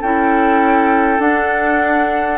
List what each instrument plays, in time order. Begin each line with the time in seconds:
0.00 bassoon C#4, clarinet E4, oboe A4, flute G5
1.19 bassoon D4, clarinet D4, flute F#5